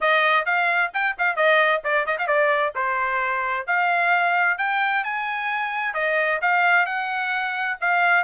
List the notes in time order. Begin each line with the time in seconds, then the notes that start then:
0.00 D#5
0.45 F5
0.93 G5
1.18 F5
1.36 D#5
1.84 D5
2.06 D#5
2.18 F5
2.27 D5
2.75 C5
3.66 F5
4.58 G5
5.04 G#5
5.94 D#5
6.41 F5
6.86 F#5
7.80 F5